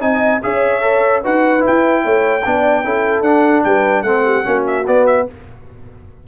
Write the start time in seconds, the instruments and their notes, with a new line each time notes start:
0.00 tuba C4, trombone D#4, horn D#5, trumpet G#5
0.43 tuba C#4, trombone G#4, horn C#5, trumpet E5
0.81 trombone A4
1.22 tuba D#4, trombone F#4, horn B4, trumpet F#5
1.60 trombone E4
1.66 tuba E4, trumpet G5
2.04 tuba A3, horn C#5
2.45 tuba B3, trombone D4, horn D5
2.84 tuba C#4, trombone E4, horn A4
3.21 tuba D4, trombone D4, trumpet F#5
3.64 tuba G3, horn B4, trumpet G5
4.02 tuba A3, trombone C4, horn A4, trumpet F#5
4.25 horn G4
4.43 tuba A#3, trombone C#4, horn F#4
4.67 trumpet E5
4.87 trombone B3, tuba B3, trumpet D5
5.06 trumpet E5